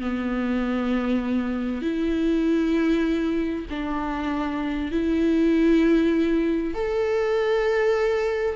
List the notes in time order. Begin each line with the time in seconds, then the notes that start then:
0.00 B3
1.82 E4
3.70 D4
4.92 E4
6.75 A4